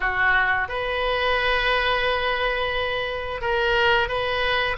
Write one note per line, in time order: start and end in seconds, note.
0.00 0.68 F#4
0.68 3.41 B4
3.41 4.08 A#4
4.08 4.76 B4